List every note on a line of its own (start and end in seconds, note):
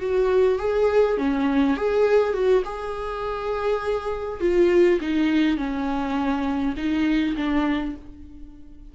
0.00 0.59 F#4
0.59 1.17 G#4
1.18 1.76 C#4
1.77 2.33 G#4
2.33 2.63 F#4
2.65 4.40 G#4
4.40 4.99 F4
5.01 5.57 D#4
5.57 6.75 C#4
6.77 7.36 D#4
7.36 7.95 D4